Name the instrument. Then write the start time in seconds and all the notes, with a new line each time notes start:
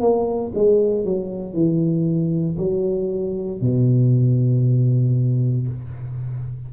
tuba
0.00 A#3
0.55 G#3
1.04 F#3
1.53 E3
2.57 F#3
3.61 B2